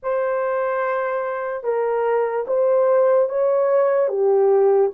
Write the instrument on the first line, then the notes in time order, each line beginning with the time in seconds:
horn
0.02 C5
1.63 A#4
2.47 C5
3.29 C#5
4.08 G4